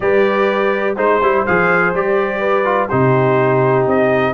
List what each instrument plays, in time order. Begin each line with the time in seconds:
0.00 tuba G3, trombone G4, horn B4, trumpet D5
0.96 tuba G#3, trombone D#4, horn C5, trumpet C5
1.21 tuba G3, trombone E4
1.46 tuba F3, trombone G#4, trumpet F5
1.93 tuba G3, trombone G4, trumpet D5
2.40 horn B4
2.64 trombone F4
2.88 tuba C3, trombone D#4, horn G4, trumpet C5
3.86 tuba C4, trumpet D#5